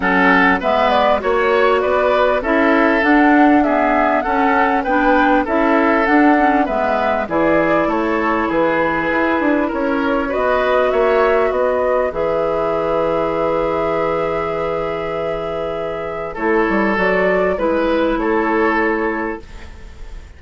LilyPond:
<<
  \new Staff \with { instrumentName = "flute" } { \time 4/4 \tempo 4 = 99 fis''4 e''8 d''8 cis''4 d''4 | e''4 fis''4 e''4 fis''4 | g''4 e''4 fis''4 e''4 | d''4 cis''4 b'2 |
cis''4 dis''4 e''4 dis''4 | e''1~ | e''2. cis''4 | d''4 b'4 cis''2 | }
  \new Staff \with { instrumentName = "oboe" } { \time 4/4 a'4 b'4 cis''4 b'4 | a'2 gis'4 a'4 | b'4 a'2 b'4 | gis'4 a'4 gis'2 |
ais'4 b'4 cis''4 b'4~ | b'1~ | b'2. a'4~ | a'4 b'4 a'2 | }
  \new Staff \with { instrumentName = "clarinet" } { \time 4/4 cis'4 b4 fis'2 | e'4 d'4 b4 cis'4 | d'4 e'4 d'8 cis'8 b4 | e'1~ |
e'4 fis'2. | gis'1~ | gis'2. e'4 | fis'4 e'2. | }
  \new Staff \with { instrumentName = "bassoon" } { \time 4/4 fis4 gis4 ais4 b4 | cis'4 d'2 cis'4 | b4 cis'4 d'4 gis4 | e4 a4 e4 e'8 d'8 |
cis'4 b4 ais4 b4 | e1~ | e2. a8 g8 | fis4 gis4 a2 | }
>>